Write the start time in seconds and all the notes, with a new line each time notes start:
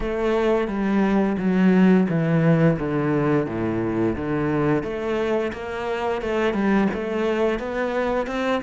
0.00 A3
0.67 G3
1.38 F#3
2.09 E3
2.79 D3
3.46 A2
4.15 D3
4.83 A3
5.52 A#3
6.21 A3
6.53 G3
6.93 A3
7.59 B3
8.27 C4